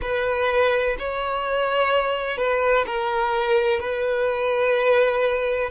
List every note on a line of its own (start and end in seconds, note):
0.01 0.97 B4
0.98 2.37 C#5
2.37 2.85 B4
2.86 3.80 A#4
3.80 5.70 B4